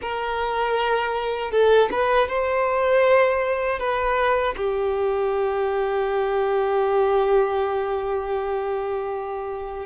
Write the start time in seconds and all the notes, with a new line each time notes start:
0.01 A#4
1.51 A4
1.91 B4
2.28 C5
3.79 B4
4.56 G4